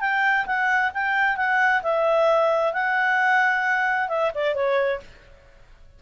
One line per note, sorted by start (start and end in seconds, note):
0.00 0.45 G5
0.46 0.91 F#5
0.94 1.36 G5
1.36 1.82 F#5
1.82 2.73 E5
2.73 4.08 F#5
4.08 4.31 E5
4.34 4.54 D5
4.54 5.00 C#5